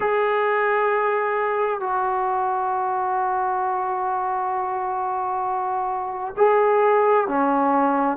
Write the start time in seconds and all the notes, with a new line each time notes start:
0.00 G#4
1.80 F#4
6.36 G#4
7.27 C#4